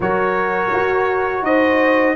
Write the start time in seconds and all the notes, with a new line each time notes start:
0.00 F#3 F#4 A#4 C#5
0.73 F#4
1.42 D#4 C5 D#5